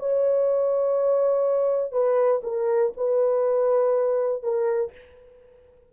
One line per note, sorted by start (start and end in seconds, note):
0.00 1.93 C#5
1.93 2.42 B4
2.44 2.93 A#4
2.97 4.43 B4
4.43 4.92 A#4